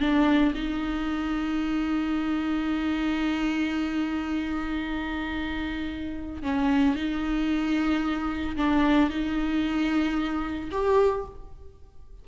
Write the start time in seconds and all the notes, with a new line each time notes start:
0.00 D4
0.55 D#4
6.43 C#4
6.96 D#4
8.57 D4
9.10 D#4
10.72 G4